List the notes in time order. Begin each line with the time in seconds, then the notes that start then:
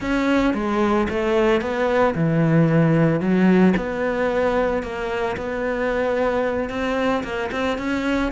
0.00 C#4
0.54 G#3
1.09 A3
1.61 B3
2.14 E3
3.20 F#3
3.76 B3
4.82 A#3
5.36 B3
6.69 C4
7.23 A#3
7.51 C4
7.78 C#4